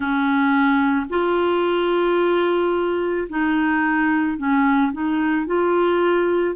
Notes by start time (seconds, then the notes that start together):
0.00 C#4
1.09 F4
3.29 D#4
4.37 C#4
4.92 D#4
5.46 F4